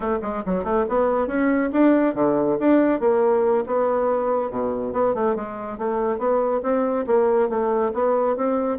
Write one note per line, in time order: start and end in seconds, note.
0.00 0.18 A3
0.21 0.43 G#3
0.45 0.64 F#3
0.64 0.85 A3
0.88 1.27 B3
1.27 1.69 C#4
1.72 2.14 D4
2.14 2.57 D3
2.59 3.00 D4
3.00 3.64 A#3
3.66 4.50 B3
4.50 4.92 B2
4.92 5.14 B3
5.14 5.35 A3
5.35 5.77 G#3
5.77 6.18 A3
6.18 6.61 B3
6.63 7.05 C4
7.06 7.49 A#3
7.49 7.92 A3
7.93 8.36 B3
8.36 8.78 C4